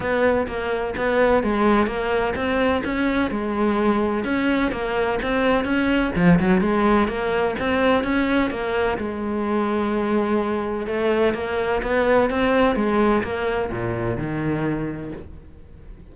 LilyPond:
\new Staff \with { instrumentName = "cello" } { \time 4/4 \tempo 4 = 127 b4 ais4 b4 gis4 | ais4 c'4 cis'4 gis4~ | gis4 cis'4 ais4 c'4 | cis'4 f8 fis8 gis4 ais4 |
c'4 cis'4 ais4 gis4~ | gis2. a4 | ais4 b4 c'4 gis4 | ais4 ais,4 dis2 | }